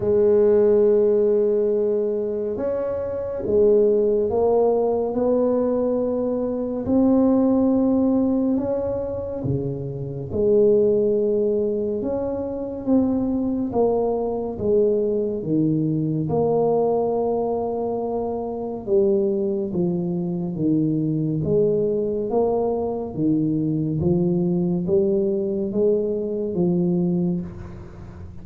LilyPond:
\new Staff \with { instrumentName = "tuba" } { \time 4/4 \tempo 4 = 70 gis2. cis'4 | gis4 ais4 b2 | c'2 cis'4 cis4 | gis2 cis'4 c'4 |
ais4 gis4 dis4 ais4~ | ais2 g4 f4 | dis4 gis4 ais4 dis4 | f4 g4 gis4 f4 | }